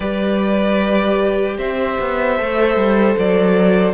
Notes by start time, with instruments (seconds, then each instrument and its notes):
0.00 cello G3, viola G4, violin B4 D5
1.58 cello C4, violin C5 E5
2.00 cello B3
2.37 cello A3, viola A4
2.76 cello G3
3.18 cello F#3, violin D5